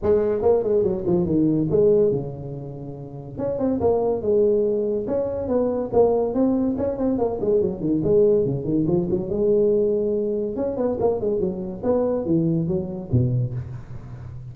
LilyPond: \new Staff \with { instrumentName = "tuba" } { \time 4/4 \tempo 4 = 142 gis4 ais8 gis8 fis8 f8 dis4 | gis4 cis2. | cis'8 c'8 ais4 gis2 | cis'4 b4 ais4 c'4 |
cis'8 c'8 ais8 gis8 fis8 dis8 gis4 | cis8 dis8 f8 fis8 gis2~ | gis4 cis'8 b8 ais8 gis8 fis4 | b4 e4 fis4 b,4 | }